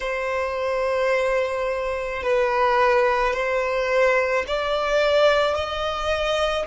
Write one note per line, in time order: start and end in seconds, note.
0.00 2.22 C5
2.22 3.33 B4
3.33 4.44 C5
4.47 5.55 D5
5.55 6.66 D#5